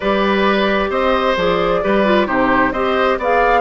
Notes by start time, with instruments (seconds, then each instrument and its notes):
0.00 bassoon G3, clarinet G4, oboe B4, flute D5
0.89 bassoon C4, oboe C5, flute D#5
1.36 bassoon F3, clarinet G#4, flute D5
1.83 bassoon G3, clarinet G4, oboe B4
2.05 clarinet F4
2.26 bassoon C3, clarinet D#4, oboe G4, flute C5
2.71 bassoon C4, clarinet G4, oboe C5, flute D#5
3.18 bassoon B3, clarinet G#4, oboe D5, flute F5